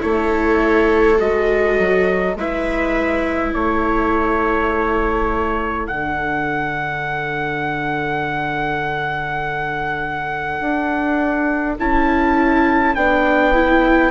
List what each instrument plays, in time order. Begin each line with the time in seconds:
0.00 bassoon A3, viola E4 A4, trumpet C#5
1.18 bassoon G#3, viola F#4, trumpet D#5
1.79 bassoon F#3
2.36 bassoon G#3, viola E4 B4, trumpet E5
3.54 bassoon A3, viola A4, trumpet C#5
5.87 bassoon D3, viola D4, trumpet F#5
10.61 bassoon D4
11.79 bassoon C#4, viola E4, trumpet A5
12.95 bassoon B3, viola D4, trumpet G5
13.54 viola E4